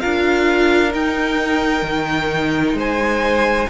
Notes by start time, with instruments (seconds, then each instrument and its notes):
0.00 cello D4, viola F4, violin A#4 F5
0.90 viola D#4, cello D#4, violin G5
1.82 cello D#3
2.73 cello G#3, violin C5
2.80 violin G#5